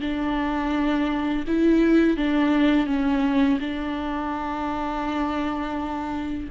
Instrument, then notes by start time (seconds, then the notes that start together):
viola
0.00 D4
1.47 E4
2.17 D4
2.86 C#4
3.59 D4